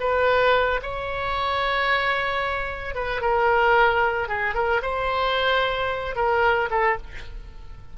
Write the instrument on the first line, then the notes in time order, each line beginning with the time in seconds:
oboe
0.00 B4
0.83 C#5
2.95 B4
3.21 A#4
4.28 G#4
4.54 A#4
4.82 C5
6.16 A#4
6.70 A4